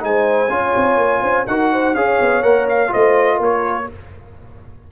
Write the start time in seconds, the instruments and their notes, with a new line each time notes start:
0.00 tuba G#3, trombone D#4, horn C5, trumpet G#5
0.49 tuba C#4, trombone F4, horn C#5
0.75 tuba C4
0.96 tuba A#3
1.21 tuba C#4, horn C5
1.47 tuba D#4, trombone F#4, horn A#4, trumpet F#5
1.72 horn C5
1.94 tuba C#4, trombone G#4, horn C#5, trumpet F5
2.20 tuba B3
2.42 tuba A#3, trombone A#4, trumpet F#5
2.69 trumpet F5
2.88 trombone F4, horn C5, trumpet D#5
2.94 tuba A3
3.36 tuba A#3, horn A#4
3.43 trumpet C#5